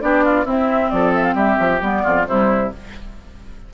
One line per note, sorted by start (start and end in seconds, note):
0.00 0.45 B3
0.00 0.44 D4
0.00 0.24 G4
0.00 0.46 D5
0.24 0.44 F4
0.44 1.79 C4
0.44 0.90 C4
0.44 0.89 E4
0.44 0.90 E5
0.90 1.34 F3
0.90 1.34 A4
0.90 1.12 D5
1.14 1.23 E5
1.23 1.34 F5
1.34 1.56 G3
1.34 2.01 G4
1.34 1.81 E5
1.59 1.81 F3
1.81 2.04 G3
1.81 2.26 B3
1.81 2.26 D5
2.03 2.27 F2
2.03 2.25 F4
2.26 2.72 C3
2.26 2.72 G3
2.26 2.73 E4
2.26 2.71 C5